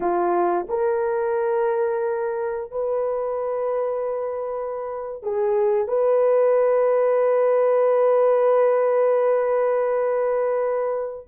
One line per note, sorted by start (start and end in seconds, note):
0.00 0.66 F4
0.69 2.71 A#4
2.71 5.22 B4
5.22 5.87 G#4
5.87 11.26 B4